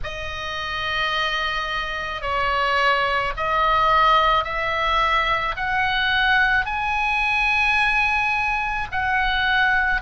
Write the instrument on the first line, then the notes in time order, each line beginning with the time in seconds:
oboe
0.03 D#5
2.21 C#5
3.36 D#5
4.44 E5
5.56 F#5
6.65 G#5
8.91 F#5